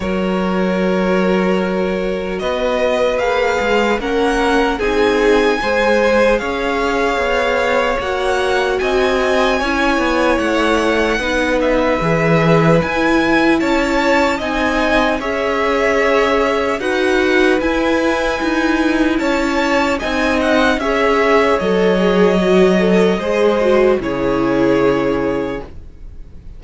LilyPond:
<<
  \new Staff \with { instrumentName = "violin" } { \time 4/4 \tempo 4 = 75 cis''2. dis''4 | f''4 fis''4 gis''2 | f''2 fis''4 gis''4~ | gis''4 fis''4. e''4. |
gis''4 a''4 gis''4 e''4~ | e''4 fis''4 gis''2 | a''4 gis''8 fis''8 e''4 dis''4~ | dis''2 cis''2 | }
  \new Staff \with { instrumentName = "violin" } { \time 4/4 ais'2. b'4~ | b'4 ais'4 gis'4 c''4 | cis''2. dis''4 | cis''2 b'2~ |
b'4 cis''4 dis''4 cis''4~ | cis''4 b'2. | cis''4 dis''4 cis''2~ | cis''4 c''4 gis'2 | }
  \new Staff \with { instrumentName = "viola" } { \time 4/4 fis'1 | gis'4 cis'4 dis'4 gis'4~ | gis'2 fis'2 | e'2 dis'4 gis'4 |
e'2 dis'4 gis'4~ | gis'4 fis'4 e'2~ | e'4 dis'4 gis'4 a'8 gis'8 | fis'8 a'8 gis'8 fis'8 e'2 | }
  \new Staff \with { instrumentName = "cello" } { \time 4/4 fis2. b4 | ais8 gis8 ais4 c'4 gis4 | cis'4 b4 ais4 c'4 | cis'8 b8 a4 b4 e4 |
e'4 cis'4 c'4 cis'4~ | cis'4 dis'4 e'4 dis'4 | cis'4 c'4 cis'4 fis4~ | fis4 gis4 cis2 | }
>>